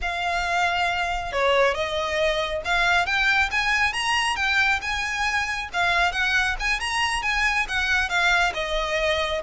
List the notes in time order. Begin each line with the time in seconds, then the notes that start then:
0.01 F5
1.32 C#5
1.74 D#5
2.64 F5
3.06 G5
3.51 G#5
3.93 A#5
4.36 G5
4.81 G#5
5.73 F5
6.12 F#5
6.59 G#5
6.80 A#5
7.22 G#5
7.68 F#5
8.09 F5
8.54 D#5